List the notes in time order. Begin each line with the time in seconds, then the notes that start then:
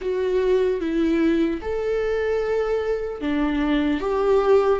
0.01 F#4
0.80 E4
1.61 A4
3.20 D4
4.00 G4